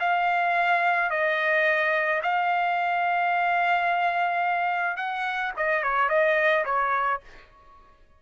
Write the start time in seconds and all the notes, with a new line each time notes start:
0.00 F5
1.10 D#5
2.23 F5
4.97 F#5
5.57 D#5
5.83 C#5
6.09 D#5
6.65 C#5